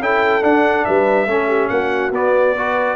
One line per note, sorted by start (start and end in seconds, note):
0.00 0.43 C#4
0.00 0.42 E4
0.00 0.87 A4
0.00 0.44 G5
0.42 1.28 D4
0.42 0.86 D4
0.42 0.85 F#5
0.85 1.27 G3
0.85 1.28 B4
0.85 1.69 E5
1.27 1.70 A3
1.27 2.13 C#4
1.27 1.49 A4
1.49 1.70 G4
1.69 2.11 A#3
1.69 2.57 F#4
1.69 2.11 F#5
2.11 2.96 B3
2.11 2.57 B3
2.11 2.97 D5
2.57 2.97 F#4
2.57 2.97 B4